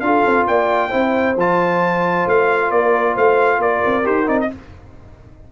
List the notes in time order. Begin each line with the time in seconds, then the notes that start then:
0.00 D4 F4 A4 F5
0.25 C4
0.47 A#3 D5 G5
0.88 C4 E4 C5
1.36 F3 F4 A5
2.26 A3 F5
2.71 A#3 A#4 D5
3.14 A3 C5 F5
3.58 A#3 A#4 D5
3.85 C4
4.03 D#4 G4 C5
4.25 C4 D#4 D5
4.40 D#5